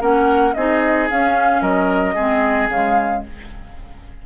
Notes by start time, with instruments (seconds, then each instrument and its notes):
0.00 bassoon A#3, clarinet C#4, oboe A#4, flute F#5
0.54 bassoon C4, clarinet D#4, oboe G#4, flute D#5
1.10 bassoon C#4, clarinet C#4, flute F5
1.62 bassoon F#3, oboe A#4, flute D#5
2.15 bassoon G#3, clarinet C4, oboe G#4
2.69 bassoon C#3, clarinet G#3, flute F5